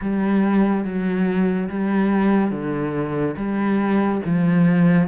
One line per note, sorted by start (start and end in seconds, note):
0.01 0.84 G3
0.84 1.68 F#3
1.69 2.51 G3
2.51 3.35 D3
3.36 4.21 G3
4.25 5.08 F3